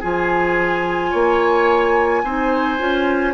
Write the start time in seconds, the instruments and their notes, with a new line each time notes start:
0.00 bassoon F3, clarinet F4, oboe G#4, flute G#5
1.11 bassoon A#3, oboe C#5
2.24 bassoon C4, clarinet D#4, oboe C5
2.78 bassoon C#4, clarinet F4